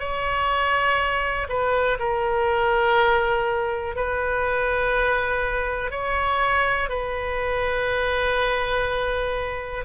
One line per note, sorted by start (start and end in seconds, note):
0.00 1.48 C#5
1.49 1.99 B4
2.00 3.96 A#4
3.96 5.92 B4
5.92 6.90 C#5
6.90 9.85 B4